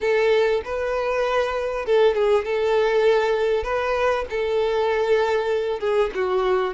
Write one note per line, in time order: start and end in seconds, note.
0.00 0.62 A4
0.64 1.85 B4
1.85 2.14 A4
2.14 2.44 G#4
2.44 3.63 A4
3.63 4.25 B4
4.30 5.79 A4
5.79 6.10 G#4
6.14 6.74 F#4